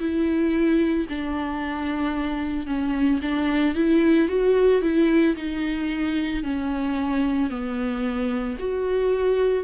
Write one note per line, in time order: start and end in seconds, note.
0.00 1.07 E4
1.10 2.67 D4
2.67 3.20 C#4
3.22 3.75 D4
3.75 4.29 E4
4.29 4.82 F#4
4.82 5.36 E4
5.37 6.44 D#4
6.44 7.50 C#4
7.50 8.58 B3
8.59 9.64 F#4